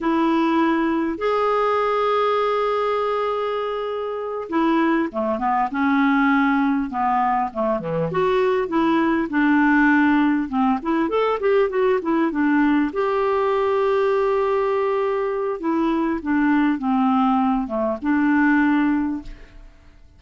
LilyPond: \new Staff \with { instrumentName = "clarinet" } { \time 4/4 \tempo 4 = 100 e'2 gis'2~ | gis'2.~ gis'8 e'8~ | e'8 a8 b8 cis'2 b8~ | b8 a8 e8 fis'4 e'4 d'8~ |
d'4. c'8 e'8 a'8 g'8 fis'8 | e'8 d'4 g'2~ g'8~ | g'2 e'4 d'4 | c'4. a8 d'2 | }